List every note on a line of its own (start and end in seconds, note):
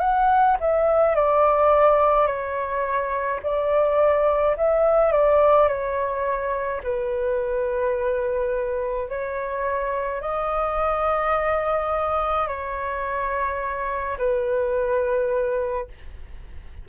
0.00 0.57 F#5
0.60 1.15 E5
1.15 2.27 D5
2.27 3.40 C#5
3.43 4.56 D5
4.57 5.12 E5
5.12 5.68 D5
5.68 6.81 C#5
6.83 9.09 B4
9.09 10.21 C#5
10.21 12.47 D#5
12.47 14.17 C#5
14.18 15.87 B4